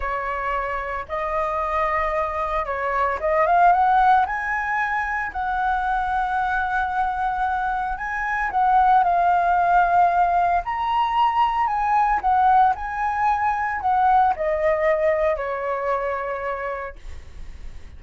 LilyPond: \new Staff \with { instrumentName = "flute" } { \time 4/4 \tempo 4 = 113 cis''2 dis''2~ | dis''4 cis''4 dis''8 f''8 fis''4 | gis''2 fis''2~ | fis''2. gis''4 |
fis''4 f''2. | ais''2 gis''4 fis''4 | gis''2 fis''4 dis''4~ | dis''4 cis''2. | }